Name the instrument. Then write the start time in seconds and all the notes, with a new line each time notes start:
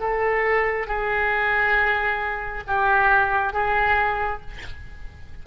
oboe
0.00 A4
0.87 G#4
2.67 G4
3.53 G#4